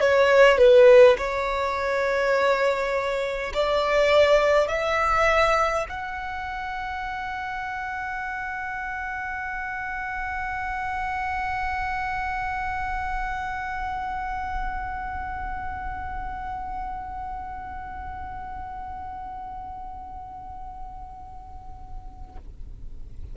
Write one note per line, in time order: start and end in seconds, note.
0.00 0.58 C#5
0.58 1.17 B4
1.17 3.52 C#5
3.53 4.68 D5
4.68 5.86 E5
5.89 22.36 F#5